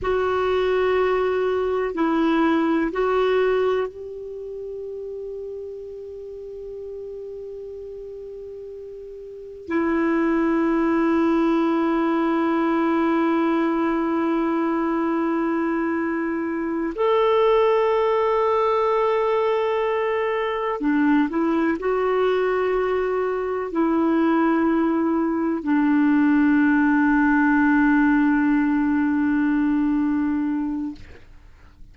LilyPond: \new Staff \with { instrumentName = "clarinet" } { \time 4/4 \tempo 4 = 62 fis'2 e'4 fis'4 | g'1~ | g'2 e'2~ | e'1~ |
e'4. a'2~ a'8~ | a'4. d'8 e'8 fis'4.~ | fis'8 e'2 d'4.~ | d'1 | }